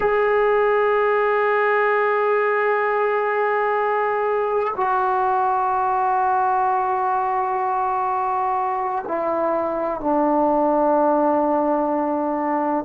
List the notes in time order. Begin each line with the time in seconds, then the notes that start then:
0.00 G#4
4.76 F#4
9.07 E4
10.00 D4